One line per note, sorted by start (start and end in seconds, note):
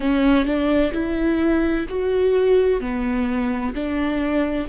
0.00 0.45 C#4
0.45 0.92 D4
0.92 1.86 E4
1.88 2.80 F#4
2.80 3.74 B3
3.74 4.67 D4